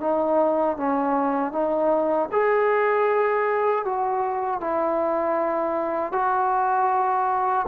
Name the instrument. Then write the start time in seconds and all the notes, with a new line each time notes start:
trombone
0.00 D#4
0.77 C#4
1.52 D#4
2.32 G#4
3.85 F#4
4.60 E4
6.12 F#4